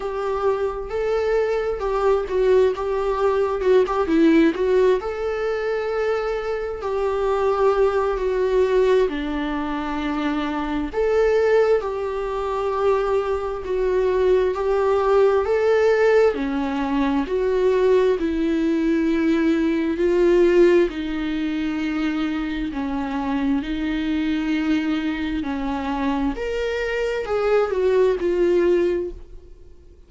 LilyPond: \new Staff \with { instrumentName = "viola" } { \time 4/4 \tempo 4 = 66 g'4 a'4 g'8 fis'8 g'4 | fis'16 g'16 e'8 fis'8 a'2 g'8~ | g'4 fis'4 d'2 | a'4 g'2 fis'4 |
g'4 a'4 cis'4 fis'4 | e'2 f'4 dis'4~ | dis'4 cis'4 dis'2 | cis'4 ais'4 gis'8 fis'8 f'4 | }